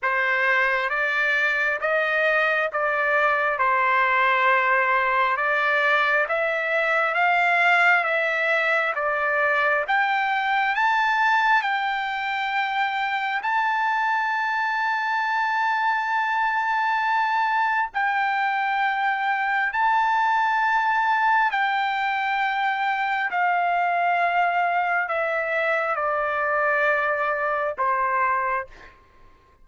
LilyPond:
\new Staff \with { instrumentName = "trumpet" } { \time 4/4 \tempo 4 = 67 c''4 d''4 dis''4 d''4 | c''2 d''4 e''4 | f''4 e''4 d''4 g''4 | a''4 g''2 a''4~ |
a''1 | g''2 a''2 | g''2 f''2 | e''4 d''2 c''4 | }